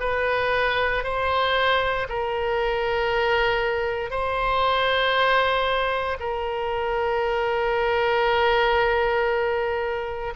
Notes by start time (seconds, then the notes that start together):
0.00 B4
1.03 C5
2.09 A#4
4.11 C5
6.20 A#4